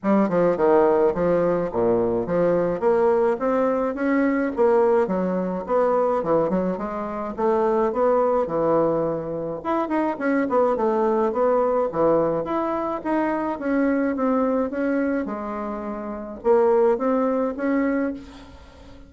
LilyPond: \new Staff \with { instrumentName = "bassoon" } { \time 4/4 \tempo 4 = 106 g8 f8 dis4 f4 ais,4 | f4 ais4 c'4 cis'4 | ais4 fis4 b4 e8 fis8 | gis4 a4 b4 e4~ |
e4 e'8 dis'8 cis'8 b8 a4 | b4 e4 e'4 dis'4 | cis'4 c'4 cis'4 gis4~ | gis4 ais4 c'4 cis'4 | }